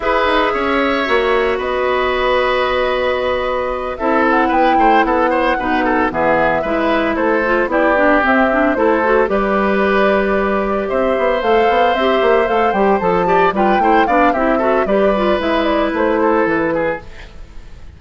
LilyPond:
<<
  \new Staff \with { instrumentName = "flute" } { \time 4/4 \tempo 4 = 113 e''2. dis''4~ | dis''2.~ dis''8 e''8 | fis''8 g''4 fis''2 e''8~ | e''4. c''4 d''4 e''8~ |
e''8 c''4 d''2~ d''8~ | d''8 e''4 f''4 e''4 f''8 | g''8 a''4 g''4 f''8 e''4 | d''4 e''8 d''8 c''4 b'4 | }
  \new Staff \with { instrumentName = "oboe" } { \time 4/4 b'4 cis''2 b'4~ | b'2.~ b'8 a'8~ | a'8 b'8 c''8 a'8 c''8 b'8 a'8 gis'8~ | gis'8 b'4 a'4 g'4.~ |
g'8 a'4 b'2~ b'8~ | b'8 c''2.~ c''8~ | c''4 d''8 b'8 c''8 d''8 g'8 a'8 | b'2~ b'8 a'4 gis'8 | }
  \new Staff \with { instrumentName = "clarinet" } { \time 4/4 gis'2 fis'2~ | fis'2.~ fis'8 e'8~ | e'2~ e'8 dis'4 b8~ | b8 e'4. f'8 e'8 d'8 c'8 |
d'8 e'8 fis'8 g'2~ g'8~ | g'4. a'4 g'4 a'8 | g'8 a'8 g'8 f'8 e'8 d'8 e'8 fis'8 | g'8 f'8 e'2. | }
  \new Staff \with { instrumentName = "bassoon" } { \time 4/4 e'8 dis'8 cis'4 ais4 b4~ | b2.~ b8 c'8~ | c'8 b8 a8 b4 b,4 e8~ | e8 gis4 a4 b4 c'8~ |
c'8 a4 g2~ g8~ | g8 c'8 b8 a8 b8 c'8 ais8 a8 | g8 f4 g8 a8 b8 c'4 | g4 gis4 a4 e4 | }
>>